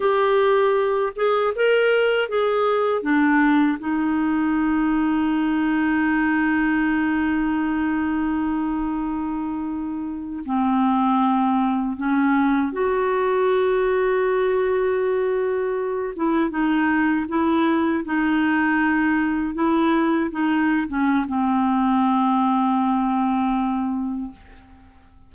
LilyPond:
\new Staff \with { instrumentName = "clarinet" } { \time 4/4 \tempo 4 = 79 g'4. gis'8 ais'4 gis'4 | d'4 dis'2.~ | dis'1~ | dis'4.~ dis'16 c'2 cis'16~ |
cis'8. fis'2.~ fis'16~ | fis'4~ fis'16 e'8 dis'4 e'4 dis'16~ | dis'4.~ dis'16 e'4 dis'8. cis'8 | c'1 | }